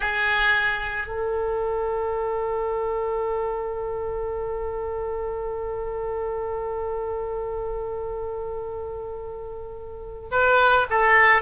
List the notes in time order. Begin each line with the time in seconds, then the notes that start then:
0.00 G#4
1.07 A4
10.31 B4
10.90 A4